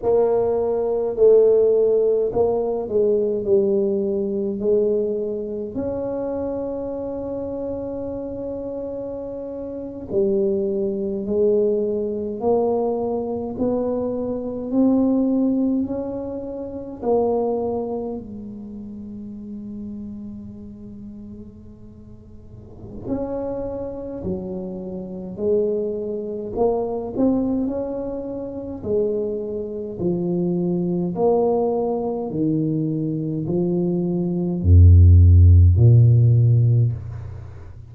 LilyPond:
\new Staff \with { instrumentName = "tuba" } { \time 4/4 \tempo 4 = 52 ais4 a4 ais8 gis8 g4 | gis4 cis'2.~ | cis'8. g4 gis4 ais4 b16~ | b8. c'4 cis'4 ais4 gis16~ |
gis1 | cis'4 fis4 gis4 ais8 c'8 | cis'4 gis4 f4 ais4 | dis4 f4 f,4 ais,4 | }